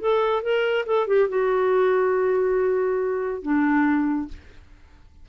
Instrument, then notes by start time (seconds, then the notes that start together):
clarinet
0.00 A4
0.42 A#4
0.86 A4
1.08 G4
1.29 F#4
3.42 D4